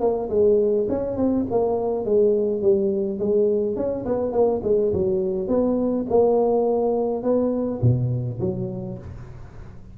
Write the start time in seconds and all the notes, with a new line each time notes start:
0.00 A#3
0.30 G#3
0.89 C#4
1.17 C4
1.51 A#3
2.05 G#3
2.62 G3
3.19 G#3
3.76 C#4
4.05 B3
4.32 A#3
4.64 G#3
4.93 F#3
5.48 B3
6.09 A#3
7.23 B3
7.82 B2
8.40 F#3